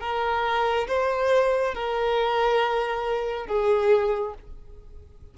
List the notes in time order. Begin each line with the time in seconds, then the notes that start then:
0.00 A#4
0.87 C5
1.74 A#4
3.47 G#4